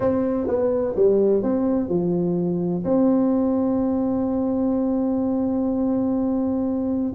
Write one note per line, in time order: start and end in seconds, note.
0.00 0.47 C4
0.47 0.94 B3
0.95 1.43 G3
1.43 1.88 C4
1.88 2.84 F3
2.84 7.13 C4